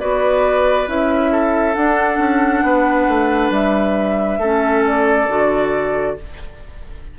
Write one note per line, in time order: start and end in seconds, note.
0.00 0.88 B3
0.00 0.88 F#4
0.00 1.32 B4
0.00 0.88 D5
0.88 1.76 C#4
0.88 1.75 E4
0.88 1.75 E5
1.32 2.65 A4
1.75 4.40 D4
1.75 2.19 D4
1.75 3.51 F#5
2.19 2.63 C#4
2.63 3.08 B3
2.63 4.40 B4
3.08 3.51 A3
3.51 4.39 G3
3.51 4.86 E5
4.39 5.27 A3
4.39 5.29 C#4
4.39 6.17 A4
4.87 6.19 D5
5.29 6.18 D3
5.29 6.17 F#4